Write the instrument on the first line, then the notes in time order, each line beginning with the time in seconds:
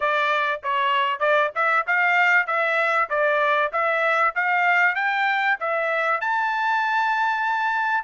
trumpet
0.00 D5
0.63 C#5
1.19 D5
1.55 E5
1.86 F5
2.46 E5
3.09 D5
3.72 E5
4.35 F5
4.95 G5
5.60 E5
6.20 A5